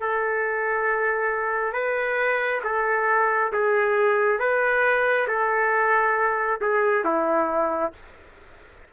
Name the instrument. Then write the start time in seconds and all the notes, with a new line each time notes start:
trumpet
0.00 A4
1.72 B4
2.64 A4
3.52 G#4
4.39 B4
5.27 A4
6.61 G#4
7.04 E4